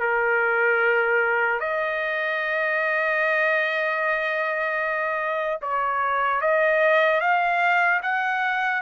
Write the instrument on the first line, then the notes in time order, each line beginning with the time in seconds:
trumpet
0.00 A#4
1.60 D#5
5.61 C#5
6.41 D#5
7.21 F5
8.03 F#5